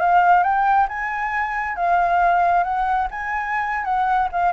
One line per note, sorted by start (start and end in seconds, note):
0.00 0.43 F5
0.43 0.87 G5
0.89 1.76 G#5
1.76 2.64 F5
2.64 3.08 F#5
3.11 3.84 G#5
3.84 4.29 F#5
4.32 4.53 F5